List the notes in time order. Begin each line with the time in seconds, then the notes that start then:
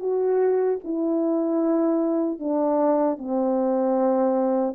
0.00 F#4
0.84 E4
2.40 D4
3.19 C4